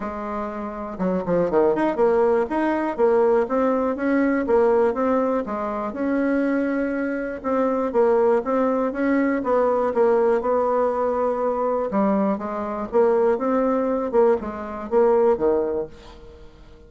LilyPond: \new Staff \with { instrumentName = "bassoon" } { \time 4/4 \tempo 4 = 121 gis2 fis8 f8 dis8 dis'8 | ais4 dis'4 ais4 c'4 | cis'4 ais4 c'4 gis4 | cis'2. c'4 |
ais4 c'4 cis'4 b4 | ais4 b2. | g4 gis4 ais4 c'4~ | c'8 ais8 gis4 ais4 dis4 | }